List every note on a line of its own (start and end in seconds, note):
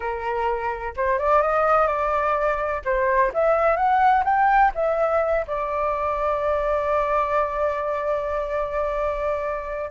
0.00 0.94 A#4
0.96 1.18 C5
1.18 1.42 D5
1.42 1.87 D#5
1.87 2.81 D5
2.84 3.32 C5
3.33 3.76 E5
3.76 4.23 F#5
4.24 4.71 G5
4.75 5.45 E5
5.47 9.90 D5